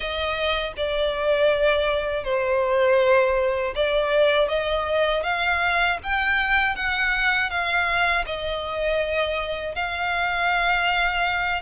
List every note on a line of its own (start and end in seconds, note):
0.00 0.73 D#5
0.76 2.24 D5
2.24 3.74 C5
3.75 4.48 D5
4.48 5.23 D#5
5.23 5.98 F5
6.03 6.75 G5
6.75 7.50 F#5
7.50 8.25 F5
8.26 9.75 D#5
9.75 11.61 F5